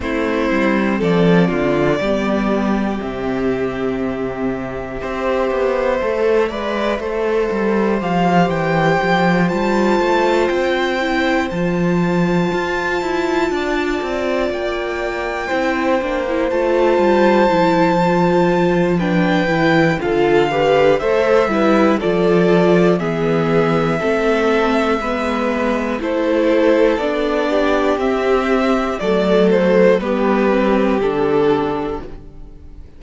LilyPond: <<
  \new Staff \with { instrumentName = "violin" } { \time 4/4 \tempo 4 = 60 c''4 d''2 e''4~ | e''1 | f''8 g''4 a''4 g''4 a''8~ | a''2~ a''8 g''4.~ |
g''8 a''2~ a''8 g''4 | f''4 e''4 d''4 e''4~ | e''2 c''4 d''4 | e''4 d''8 c''8 b'4 a'4 | }
  \new Staff \with { instrumentName = "violin" } { \time 4/4 e'4 a'8 f'8 g'2~ | g'4 c''4. d''8 c''4~ | c''1~ | c''4. d''2 c''8~ |
c''2. b'4 | a'8 b'8 c''8 b'8 a'4 gis'4 | a'4 b'4 a'4. g'8~ | g'4 a'4 g'2 | }
  \new Staff \with { instrumentName = "viola" } { \time 4/4 c'2 b4 c'4~ | c'4 g'4 a'8 b'8 a'4 | g'4. f'4. e'8 f'8~ | f'2.~ f'8 e'8 |
d'16 e'16 f'4 e'8 f'4 d'8 e'8 | f'8 g'8 a'8 e'8 f'4 b4 | c'4 b4 e'4 d'4 | c'4 a4 b8 c'8 d'4 | }
  \new Staff \with { instrumentName = "cello" } { \time 4/4 a8 g8 f8 d8 g4 c4~ | c4 c'8 b8 a8 gis8 a8 g8 | f8 e8 f8 g8 a8 c'4 f8~ | f8 f'8 e'8 d'8 c'8 ais4 c'8 |
ais8 a8 g8 f2 e8 | d4 a8 g8 f4 e4 | a4 gis4 a4 b4 | c'4 fis4 g4 d4 | }
>>